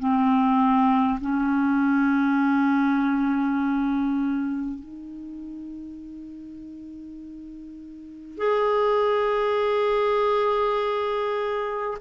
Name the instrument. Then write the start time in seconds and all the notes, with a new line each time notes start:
clarinet
0.00 C4
1.21 C#4
4.79 D#4
8.38 G#4